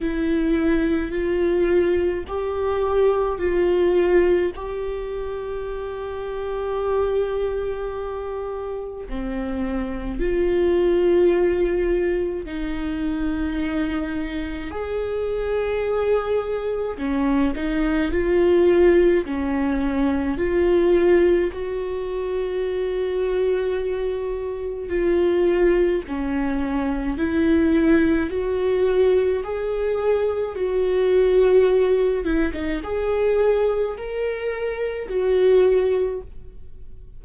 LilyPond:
\new Staff \with { instrumentName = "viola" } { \time 4/4 \tempo 4 = 53 e'4 f'4 g'4 f'4 | g'1 | c'4 f'2 dis'4~ | dis'4 gis'2 cis'8 dis'8 |
f'4 cis'4 f'4 fis'4~ | fis'2 f'4 cis'4 | e'4 fis'4 gis'4 fis'4~ | fis'8 e'16 dis'16 gis'4 ais'4 fis'4 | }